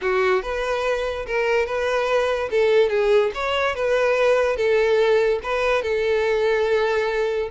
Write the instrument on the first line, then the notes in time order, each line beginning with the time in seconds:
violin
0.01 F#4
0.42 B4
1.26 A#4
1.66 B4
2.50 A4
2.89 G#4
3.34 C#5
3.75 B4
4.56 A4
5.43 B4
5.82 A4